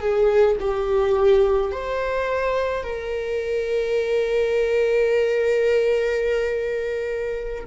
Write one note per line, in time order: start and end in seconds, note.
0.00 0.57 G#4
0.60 1.72 G4
1.72 2.84 C5
2.84 7.65 A#4